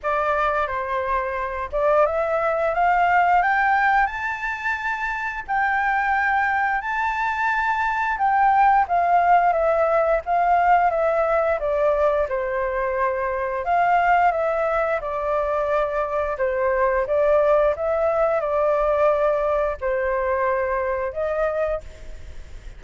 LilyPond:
\new Staff \with { instrumentName = "flute" } { \time 4/4 \tempo 4 = 88 d''4 c''4. d''8 e''4 | f''4 g''4 a''2 | g''2 a''2 | g''4 f''4 e''4 f''4 |
e''4 d''4 c''2 | f''4 e''4 d''2 | c''4 d''4 e''4 d''4~ | d''4 c''2 dis''4 | }